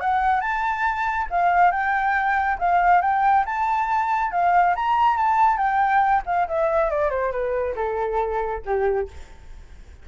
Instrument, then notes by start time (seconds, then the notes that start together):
flute
0.00 F#5
0.40 A5
1.30 F5
1.71 G5
2.58 F5
3.01 G5
3.45 A5
4.31 F5
4.75 A#5
5.17 A5
5.57 G5
6.26 F5
6.47 E5
6.90 D5
7.10 C5
7.31 B4
7.75 A4
8.65 G4